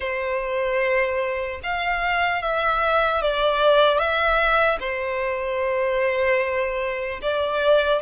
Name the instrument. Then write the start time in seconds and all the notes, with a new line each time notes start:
violin
0.00 C5
1.63 F5
2.42 E5
3.21 D5
3.98 E5
4.80 C5
7.21 D5